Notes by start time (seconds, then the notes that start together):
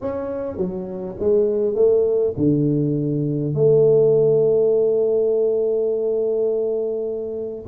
0.01 C#4
0.56 F#3
1.19 G#3
1.75 A3
2.37 D3
3.54 A3